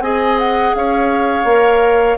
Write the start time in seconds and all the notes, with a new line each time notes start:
0.00 C4 G#4 D#5 G#5
0.39 F#5
0.75 C#4 C#5 F5
1.45 A#3 A#4